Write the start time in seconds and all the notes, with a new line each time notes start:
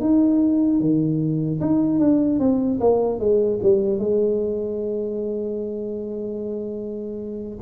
0.00 D#4
0.80 D#3
1.60 D#4
1.99 D4
2.39 C4
2.80 A#3
3.19 G#3
3.63 G3
3.99 G#3